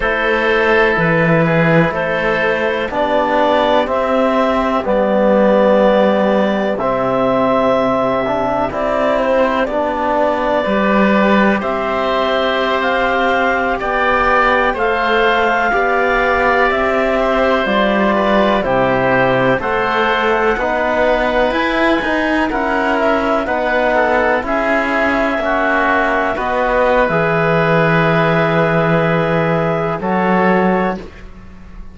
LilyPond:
<<
  \new Staff \with { instrumentName = "clarinet" } { \time 4/4 \tempo 4 = 62 c''4 b'4 c''4 d''4 | e''4 d''2 e''4~ | e''4 d''8 c''8 d''2 | e''4~ e''16 f''4 g''4 f''8.~ |
f''4~ f''16 e''4 d''4 c''8.~ | c''16 fis''2 gis''4 fis''8 e''16~ | e''16 fis''4 e''2 dis''8. | e''2. cis''4 | }
  \new Staff \with { instrumentName = "oboe" } { \time 4/4 a'4. gis'8 a'4 g'4~ | g'1~ | g'2. b'4 | c''2~ c''16 d''4 c''8.~ |
c''16 d''4. c''4 b'8 g'8.~ | g'16 c''4 b'2 ais'8.~ | ais'16 b'8 a'8 gis'4 fis'4 b'8.~ | b'2. a'4 | }
  \new Staff \with { instrumentName = "trombone" } { \time 4/4 e'2. d'4 | c'4 b2 c'4~ | c'8 d'8 e'4 d'4 g'4~ | g'2.~ g'16 a'8.~ |
a'16 g'2 f'4 e'8.~ | e'16 a'4 dis'4 e'8 dis'8 e'8.~ | e'16 dis'4 e'4 cis'4 fis'8. | gis'2. fis'4 | }
  \new Staff \with { instrumentName = "cello" } { \time 4/4 a4 e4 a4 b4 | c'4 g2 c4~ | c4 c'4 b4 g4 | c'2~ c'16 b4 a8.~ |
a16 b4 c'4 g4 c8.~ | c16 a4 b4 e'8 dis'8 cis'8.~ | cis'16 b4 cis'4 ais4 b8. | e2. fis4 | }
>>